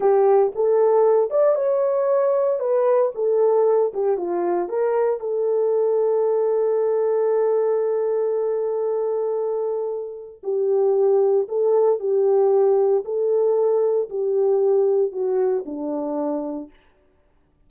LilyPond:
\new Staff \with { instrumentName = "horn" } { \time 4/4 \tempo 4 = 115 g'4 a'4. d''8 cis''4~ | cis''4 b'4 a'4. g'8 | f'4 ais'4 a'2~ | a'1~ |
a'1 | g'2 a'4 g'4~ | g'4 a'2 g'4~ | g'4 fis'4 d'2 | }